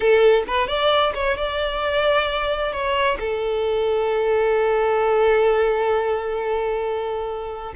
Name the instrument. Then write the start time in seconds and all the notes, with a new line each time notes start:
violin
0.00 A4
0.47 B4
0.67 D5
1.14 C#5
1.37 D5
2.72 C#5
3.19 A4